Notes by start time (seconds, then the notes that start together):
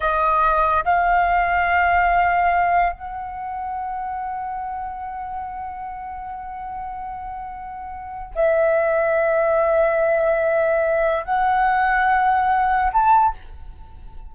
0.00 D#5
0.84 F5
2.92 F#5
8.35 E5
11.24 F#5
12.92 A5